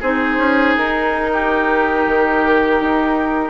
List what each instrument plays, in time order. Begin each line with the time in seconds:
0.00 bassoon C4, clarinet D#4, oboe G#4, flute C5
0.37 bassoon C#4
0.76 bassoon D#4, flute A#4
1.33 oboe G4
2.06 bassoon D#3
2.80 bassoon D#4